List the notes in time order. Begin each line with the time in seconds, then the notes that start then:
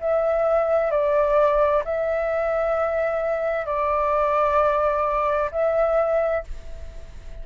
0.00 E5
0.91 D5
1.84 E5
3.65 D5
5.51 E5